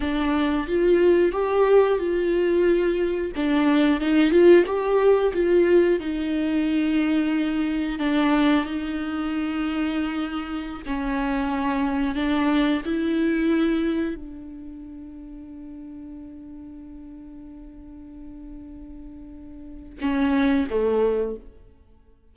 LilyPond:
\new Staff \with { instrumentName = "viola" } { \time 4/4 \tempo 4 = 90 d'4 f'4 g'4 f'4~ | f'4 d'4 dis'8 f'8 g'4 | f'4 dis'2. | d'4 dis'2.~ |
dis'16 cis'2 d'4 e'8.~ | e'4~ e'16 d'2~ d'8.~ | d'1~ | d'2 cis'4 a4 | }